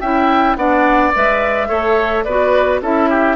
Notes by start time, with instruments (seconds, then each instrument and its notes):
0.00 bassoon C#4, clarinet E4, oboe E5, flute G5
0.56 bassoon B3, clarinet D4, oboe D5, flute F#5
1.14 bassoon G#3, clarinet B4, flute E5
1.68 bassoon A3, clarinet A4, oboe C#5
2.24 bassoon B3, clarinet F#4, oboe B4, flute D5
2.82 bassoon C#4, clarinet E4, oboe A4, flute E5
3.10 oboe G4